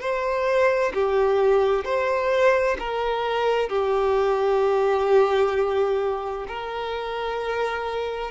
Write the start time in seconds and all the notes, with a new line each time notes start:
0.00 C5
0.94 G4
1.84 C5
2.79 A#4
3.69 G4
6.47 A#4